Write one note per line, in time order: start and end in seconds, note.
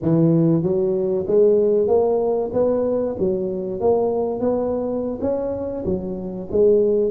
0.01 0.62 E3
0.62 1.25 F#3
1.27 1.87 G#3
1.87 2.50 A#3
2.53 3.16 B3
3.19 3.80 F#3
3.80 4.40 A#3
4.40 5.19 B3
5.21 5.84 C#4
5.85 6.48 F#3
6.51 7.10 G#3